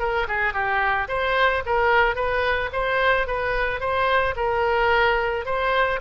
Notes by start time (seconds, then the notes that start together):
0.00 A#4
0.28 G#4
0.54 G4
1.09 C5
1.66 A#4
2.16 B4
2.73 C5
3.28 B4
3.81 C5
4.37 A#4
5.46 C5